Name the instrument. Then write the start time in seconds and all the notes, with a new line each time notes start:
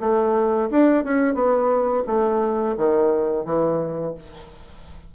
bassoon
0.00 A3
0.71 D4
1.04 C#4
1.34 B3
2.07 A3
2.77 D#3
3.45 E3